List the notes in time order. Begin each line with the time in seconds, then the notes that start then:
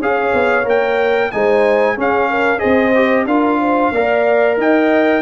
0.00 C#4 G#4 C#5 F5
0.34 B3
0.65 A#3 A#4 G5
1.32 G#3 D#4 C5 G#5
1.96 C#4 G#4 F5
2.30 A#4
2.59 C4 G#4 C5 D#5
2.95 G4
3.26 D4 F4 A#4 F5
3.60 C5
3.92 A#3 A#4 D5
4.57 D#4 D#5 G5